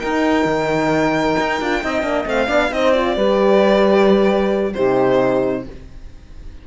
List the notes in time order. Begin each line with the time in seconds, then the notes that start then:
0.00 D#4 A#4 G5
0.45 D#3
1.40 D#4
1.61 D4 F4
1.83 C4 D#4 D#5
2.02 A#3 D4
2.26 A3 C4 F5
2.46 B3 D4 D5
2.71 C4 D#4 C5 D#5
2.93 F4 D5
3.16 G3 G4 B4
4.74 C3 D#4 G4 C5